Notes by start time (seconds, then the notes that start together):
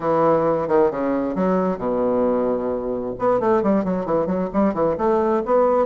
0.00 E3
0.68 D#3
0.90 C#3
1.35 F#3
1.78 B2
3.18 B3
3.40 A3
3.62 G3
3.84 F#3
4.05 E3
4.26 F#3
4.53 G3
4.73 E3
4.97 A3
5.45 B3